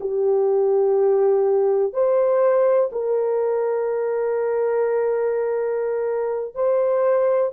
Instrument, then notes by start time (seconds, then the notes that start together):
horn
0.00 G4
1.93 C5
2.92 A#4
6.55 C5